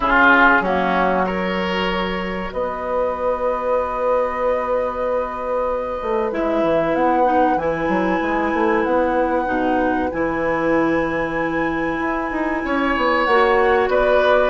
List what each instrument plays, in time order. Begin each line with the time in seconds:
0.00 bassoon C#3, clarinet C#4, oboe F4, flute G#4
0.60 bassoon F#3, clarinet A#3, oboe C#4, flute F#4
1.26 clarinet F#4, oboe A#4, flute C#5
2.52 bassoon B3, oboe B4, flute D#5
6.02 bassoon A3
6.31 bassoon G#3, clarinet E4, flute E5
6.62 bassoon E3
6.93 bassoon B3, flute F#5
7.24 clarinet D#4
7.56 bassoon E3, clarinet E4, flute G#5
7.88 bassoon F#3
8.21 bassoon G#3
8.53 bassoon A3
8.84 bassoon B3, flute F#5
9.45 bassoon B2, clarinet D#4
10.11 bassoon E3, clarinet E4, flute G#5
11.99 bassoon E4
12.31 bassoon D#4
12.64 bassoon C#4, oboe C#5
12.96 bassoon B3
13.24 bassoon A#3, clarinet F#4, flute F#5
13.88 bassoon B3, oboe B4, flute D5